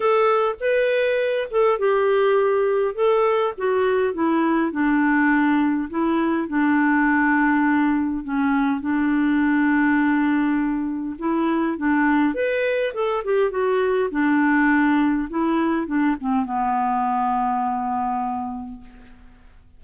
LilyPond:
\new Staff \with { instrumentName = "clarinet" } { \time 4/4 \tempo 4 = 102 a'4 b'4. a'8 g'4~ | g'4 a'4 fis'4 e'4 | d'2 e'4 d'4~ | d'2 cis'4 d'4~ |
d'2. e'4 | d'4 b'4 a'8 g'8 fis'4 | d'2 e'4 d'8 c'8 | b1 | }